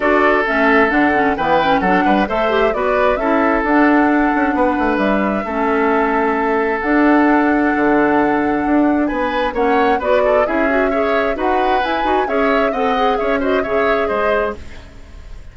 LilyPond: <<
  \new Staff \with { instrumentName = "flute" } { \time 4/4 \tempo 4 = 132 d''4 e''4 fis''4 g''4 | fis''4 e''4 d''4 e''4 | fis''2. e''4~ | e''2. fis''4~ |
fis''1 | gis''4 fis''4 d''4 e''4~ | e''4 fis''4 gis''4 e''4 | fis''4 e''8 dis''8 e''4 dis''4 | }
  \new Staff \with { instrumentName = "oboe" } { \time 4/4 a'2. b'4 | a'8 b'8 c''4 b'4 a'4~ | a'2 b'2 | a'1~ |
a'1 | b'4 cis''4 b'8 a'8 gis'4 | cis''4 b'2 cis''4 | dis''4 cis''8 c''8 cis''4 c''4 | }
  \new Staff \with { instrumentName = "clarinet" } { \time 4/4 fis'4 cis'4 d'8 cis'8 b8 cis'8 | d'4 a'8 g'8 fis'4 e'4 | d'1 | cis'2. d'4~ |
d'1~ | d'4 cis'4 fis'4 e'8 fis'8 | gis'4 fis'4 e'8 fis'8 gis'4 | a'8 gis'4 fis'8 gis'2 | }
  \new Staff \with { instrumentName = "bassoon" } { \time 4/4 d'4 a4 d4 e4 | fis8 g8 a4 b4 cis'4 | d'4. cis'8 b8 a8 g4 | a2. d'4~ |
d'4 d2 d'4 | b4 ais4 b4 cis'4~ | cis'4 dis'4 e'8 dis'8 cis'4 | c'4 cis'4 cis4 gis4 | }
>>